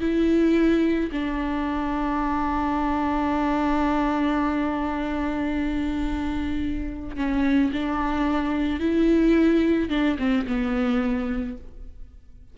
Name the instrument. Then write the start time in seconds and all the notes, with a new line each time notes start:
viola
0.00 E4
1.12 D4
7.16 C#4
7.72 D4
8.80 E4
9.89 D4
10.19 C4
10.47 B3